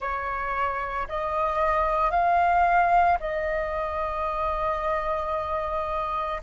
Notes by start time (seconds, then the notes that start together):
0.00 C#5
1.08 D#5
2.10 F5
3.19 D#5